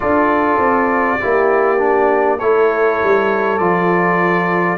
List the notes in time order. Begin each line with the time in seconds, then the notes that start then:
0.00 D4 F4 A4 D5
0.58 C4
1.20 A#3 E4 G4
1.78 D4
2.39 A3 E4 A4 C#5
3.03 G3
3.58 F3 F4 D5